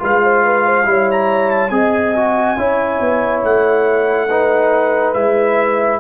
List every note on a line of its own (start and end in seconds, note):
0.00 0.86 G#3
0.00 0.84 F4
0.00 0.22 B4
0.00 1.11 F5
0.24 0.45 C5
0.45 0.65 B4
0.65 0.87 C5
0.84 1.71 G3
0.84 1.70 E4
0.84 1.73 C#5
1.12 1.51 A#5
1.51 1.70 A5
1.70 2.56 C4
1.70 2.15 G#4
1.70 2.59 D#5
1.70 3.41 G#5
2.16 2.57 F#4
2.57 3.00 C#4
2.57 4.29 E4
2.57 4.29 C#5
3.00 3.43 B3
3.44 5.15 A3
3.44 5.14 F#5
4.29 5.16 D#4
4.29 6.00 B4
5.14 6.00 G#3
5.14 6.00 E4
5.14 6.00 E5